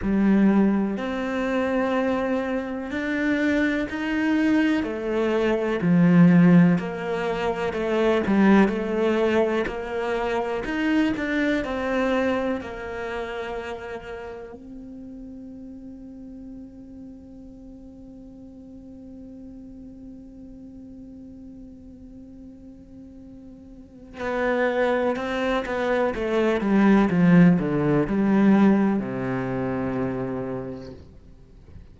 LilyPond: \new Staff \with { instrumentName = "cello" } { \time 4/4 \tempo 4 = 62 g4 c'2 d'4 | dis'4 a4 f4 ais4 | a8 g8 a4 ais4 dis'8 d'8 | c'4 ais2 c'4~ |
c'1~ | c'1~ | c'4 b4 c'8 b8 a8 g8 | f8 d8 g4 c2 | }